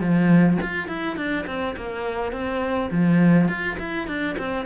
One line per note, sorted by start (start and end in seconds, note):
0.00 0.58 F3
0.62 0.88 F4
0.88 1.16 E4
1.16 1.45 D4
1.46 1.75 C4
1.76 2.32 A#3
2.32 2.90 C4
2.91 3.48 F3
3.48 3.77 F4
3.79 4.08 E4
4.08 4.36 D4
4.38 4.65 C4